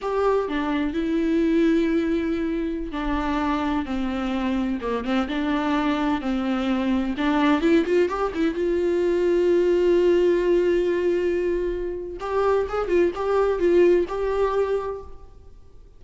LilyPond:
\new Staff \with { instrumentName = "viola" } { \time 4/4 \tempo 4 = 128 g'4 d'4 e'2~ | e'2~ e'16 d'4.~ d'16~ | d'16 c'2 ais8 c'8 d'8.~ | d'4~ d'16 c'2 d'8.~ |
d'16 e'8 f'8 g'8 e'8 f'4.~ f'16~ | f'1~ | f'2 g'4 gis'8 f'8 | g'4 f'4 g'2 | }